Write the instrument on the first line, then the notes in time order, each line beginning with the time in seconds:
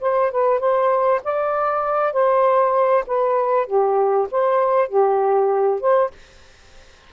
saxophone
0.00 C5
0.31 B4
0.59 C5
1.24 D5
2.12 C5
3.06 B4
3.66 G4
4.31 C5
4.88 G4
5.80 C5